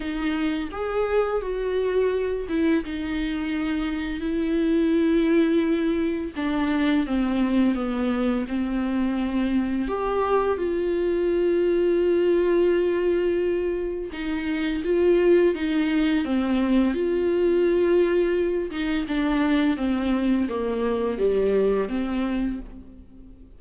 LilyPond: \new Staff \with { instrumentName = "viola" } { \time 4/4 \tempo 4 = 85 dis'4 gis'4 fis'4. e'8 | dis'2 e'2~ | e'4 d'4 c'4 b4 | c'2 g'4 f'4~ |
f'1 | dis'4 f'4 dis'4 c'4 | f'2~ f'8 dis'8 d'4 | c'4 ais4 g4 c'4 | }